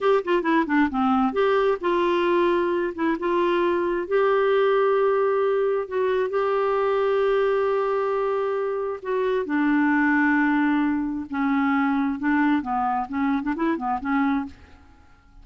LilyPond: \new Staff \with { instrumentName = "clarinet" } { \time 4/4 \tempo 4 = 133 g'8 f'8 e'8 d'8 c'4 g'4 | f'2~ f'8 e'8 f'4~ | f'4 g'2.~ | g'4 fis'4 g'2~ |
g'1 | fis'4 d'2.~ | d'4 cis'2 d'4 | b4 cis'8. d'16 e'8 b8 cis'4 | }